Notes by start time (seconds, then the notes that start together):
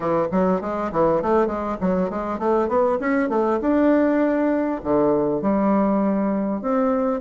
0.00 E3
0.31 F#3
0.61 G#3
0.92 E3
1.22 A3
1.46 G#3
1.81 F#3
2.10 G#3
2.38 A3
2.68 B3
2.99 C#4
3.29 A3
3.61 D4
4.83 D3
5.41 G3
6.61 C4